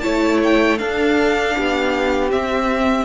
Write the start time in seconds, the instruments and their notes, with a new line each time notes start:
0.00 cello A3, viola E4, violin C#5 A5
0.43 violin G5
0.78 viola D4, cello D4, violin A4 F5
1.56 cello B3, violin G4
2.30 viola C4, cello C4, violin E5